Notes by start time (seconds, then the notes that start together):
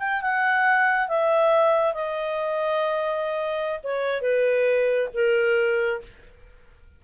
0.00 G5
0.22 F#5
1.09 E5
1.94 D#5
3.84 C#5
4.22 B4
5.14 A#4